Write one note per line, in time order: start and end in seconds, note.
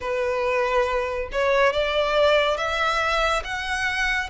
0.00 1.29 B4
1.32 1.73 C#5
1.73 2.57 D5
2.57 3.42 E5
3.44 4.29 F#5